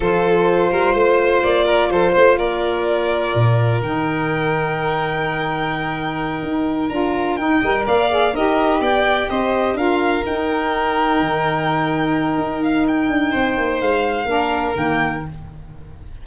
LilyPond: <<
  \new Staff \with { instrumentName = "violin" } { \time 4/4 \tempo 4 = 126 c''2. d''4 | c''4 d''2. | g''1~ | g''2~ g''8 ais''4 g''8~ |
g''8 f''4 dis''4 g''4 dis''8~ | dis''8 f''4 g''2~ g''8~ | g''2~ g''8 f''8 g''4~ | g''4 f''2 g''4 | }
  \new Staff \with { instrumentName = "violin" } { \time 4/4 a'4. ais'8 c''4. ais'8 | a'8 c''8 ais'2.~ | ais'1~ | ais'1 |
dis''8 d''4 ais'4 d''4 c''8~ | c''8 ais'2.~ ais'8~ | ais'1 | c''2 ais'2 | }
  \new Staff \with { instrumentName = "saxophone" } { \time 4/4 f'1~ | f'1 | dis'1~ | dis'2~ dis'8 f'4 dis'8 |
ais'4 gis'8 g'2~ g'8~ | g'8 f'4 dis'2~ dis'8~ | dis'1~ | dis'2 d'4 ais4 | }
  \new Staff \with { instrumentName = "tuba" } { \time 4/4 f4. g8 a4 ais4 | f8 a8 ais2 ais,4 | dis1~ | dis4. dis'4 d'4 dis'8 |
g8 ais4 dis'4 b4 c'8~ | c'8 d'4 dis'2 dis8~ | dis2 dis'4. d'8 | c'8 ais8 gis4 ais4 dis4 | }
>>